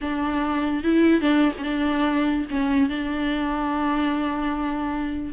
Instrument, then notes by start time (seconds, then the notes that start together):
viola
0.01 D4
0.83 E4
1.21 D4
1.58 C#4 D4
2.50 C#4
2.89 D4